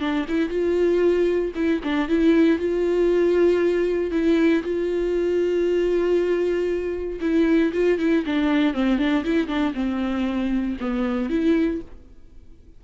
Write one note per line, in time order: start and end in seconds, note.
0.00 0.26 D4
0.28 0.49 E4
0.49 1.52 F4
1.55 1.81 E4
1.83 2.08 D4
2.08 2.59 E4
2.59 4.11 F4
4.11 4.62 E4
4.63 7.20 F4
7.21 7.72 E4
7.73 7.99 F4
7.99 8.24 E4
8.26 8.74 D4
8.74 8.98 C4
8.98 9.24 D4
9.24 9.48 E4
9.48 9.73 D4
9.74 10.77 C4
10.80 11.29 B3
11.29 11.81 E4